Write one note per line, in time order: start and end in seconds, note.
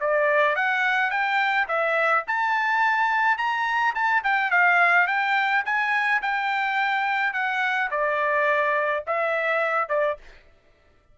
0.00 0.55 D5
0.55 1.10 F#5
1.10 1.67 G5
1.68 2.24 E5
2.27 3.37 A5
3.37 3.94 A#5
3.94 4.23 A5
4.23 4.51 G5
4.51 5.07 F5
5.07 5.64 G5
5.65 6.22 G#5
6.22 7.33 G5
7.33 7.90 F#5
7.91 9.04 D5
9.07 9.89 E5
9.89 10.17 D5